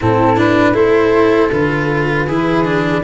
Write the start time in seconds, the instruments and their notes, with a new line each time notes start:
0.01 tuba A2, cello C4, viola E4, flute A4
0.36 cello D4, flute B4
0.72 tuba A3, cello E4, viola A4, flute C5
1.52 tuba D3, cello F4, flute B4
2.26 tuba E3, cello E4, viola G#4
2.64 cello D4